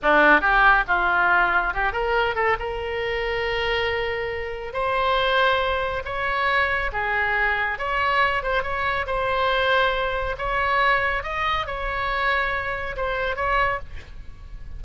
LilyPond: \new Staff \with { instrumentName = "oboe" } { \time 4/4 \tempo 4 = 139 d'4 g'4 f'2 | g'8 ais'4 a'8 ais'2~ | ais'2. c''4~ | c''2 cis''2 |
gis'2 cis''4. c''8 | cis''4 c''2. | cis''2 dis''4 cis''4~ | cis''2 c''4 cis''4 | }